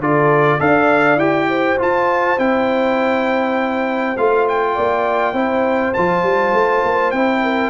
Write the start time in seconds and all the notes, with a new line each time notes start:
0.00 D3 F4 A4 D5
0.60 D4 A4 D5 F5
1.17 E4 G4 G5
1.50 C5
1.79 F4 A5
2.39 C4 E4 G5
4.18 A3 F4 F5
4.49 G5
4.75 A#3 D5
5.34 C4 E4 C5
5.94 F3 F4 A5
6.23 G3
6.54 A3
6.85 A#3
7.12 C4 E4 G5
7.43 A#4